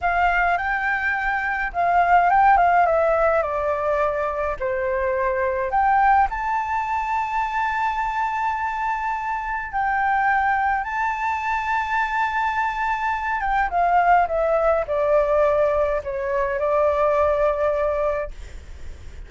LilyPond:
\new Staff \with { instrumentName = "flute" } { \time 4/4 \tempo 4 = 105 f''4 g''2 f''4 | g''8 f''8 e''4 d''2 | c''2 g''4 a''4~ | a''1~ |
a''4 g''2 a''4~ | a''2.~ a''8 g''8 | f''4 e''4 d''2 | cis''4 d''2. | }